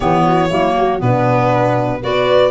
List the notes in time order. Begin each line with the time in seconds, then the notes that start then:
0.00 E3 B3 G4 C#5
0.25 F#4
0.50 F#3 A#3 E4
0.78 F#4
0.98 B2 B3 D4 B4
2.01 B3 F#4 B4 D5